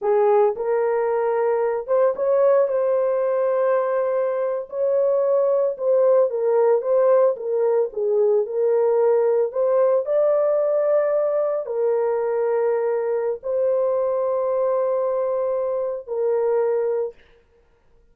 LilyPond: \new Staff \with { instrumentName = "horn" } { \time 4/4 \tempo 4 = 112 gis'4 ais'2~ ais'8 c''8 | cis''4 c''2.~ | c''8. cis''2 c''4 ais'16~ | ais'8. c''4 ais'4 gis'4 ais'16~ |
ais'4.~ ais'16 c''4 d''4~ d''16~ | d''4.~ d''16 ais'2~ ais'16~ | ais'4 c''2.~ | c''2 ais'2 | }